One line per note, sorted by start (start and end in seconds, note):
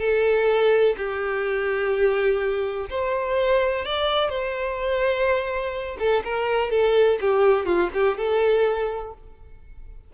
0.00 0.96 A4
0.98 2.90 G4
2.90 3.86 C5
3.86 4.30 D5
4.30 5.98 C5
6.00 6.24 A4
6.25 6.71 A#4
6.71 7.19 A4
7.21 7.66 G4
7.66 7.90 F4
7.94 8.18 G4
8.18 9.14 A4